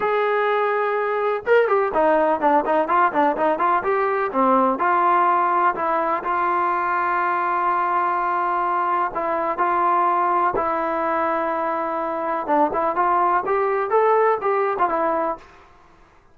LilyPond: \new Staff \with { instrumentName = "trombone" } { \time 4/4 \tempo 4 = 125 gis'2. ais'8 g'8 | dis'4 d'8 dis'8 f'8 d'8 dis'8 f'8 | g'4 c'4 f'2 | e'4 f'2.~ |
f'2. e'4 | f'2 e'2~ | e'2 d'8 e'8 f'4 | g'4 a'4 g'8. f'16 e'4 | }